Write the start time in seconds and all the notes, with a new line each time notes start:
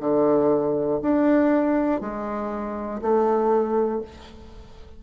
0.00 D3
1.02 D4
2.01 G#3
3.02 A3